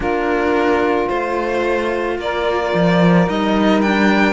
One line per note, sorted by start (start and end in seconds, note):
0.00 1.09 A#3
0.00 1.08 D4
0.00 2.17 F4
0.00 1.08 A#4
1.08 2.18 A3
1.08 3.27 F4
1.08 2.17 C5
2.18 2.72 A#3
2.18 4.32 A#4
2.18 3.28 D5
2.73 3.28 F3
3.27 4.32 G3
3.27 3.82 D#4
3.27 3.81 D#5
3.81 4.32 D4
3.81 4.32 G5